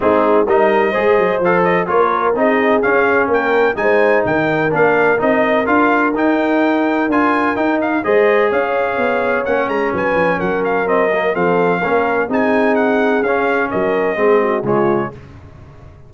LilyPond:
<<
  \new Staff \with { instrumentName = "trumpet" } { \time 4/4 \tempo 4 = 127 gis'4 dis''2 f''8 dis''8 | cis''4 dis''4 f''4 g''4 | gis''4 g''4 f''4 dis''4 | f''4 g''2 gis''4 |
g''8 f''8 dis''4 f''2 | fis''8 ais''8 gis''4 fis''8 f''8 dis''4 | f''2 gis''4 fis''4 | f''4 dis''2 cis''4 | }
  \new Staff \with { instrumentName = "horn" } { \time 4/4 dis'4 ais'4 c''2 | ais'4 gis'2 ais'4 | c''4 ais'2.~ | ais'1~ |
ais'4 c''4 cis''2~ | cis''4 b'4 ais'2 | a'4 ais'4 gis'2~ | gis'4 ais'4 gis'8 fis'8 f'4 | }
  \new Staff \with { instrumentName = "trombone" } { \time 4/4 c'4 dis'4 gis'4 a'4 | f'4 dis'4 cis'2 | dis'2 d'4 dis'4 | f'4 dis'2 f'4 |
dis'4 gis'2. | cis'2. c'8 ais8 | c'4 cis'4 dis'2 | cis'2 c'4 gis4 | }
  \new Staff \with { instrumentName = "tuba" } { \time 4/4 gis4 g4 gis8 fis8 f4 | ais4 c'4 cis'4 ais4 | gis4 dis4 ais4 c'4 | d'4 dis'2 d'4 |
dis'4 gis4 cis'4 b4 | ais8 gis8 fis8 f8 fis2 | f4 ais4 c'2 | cis'4 fis4 gis4 cis4 | }
>>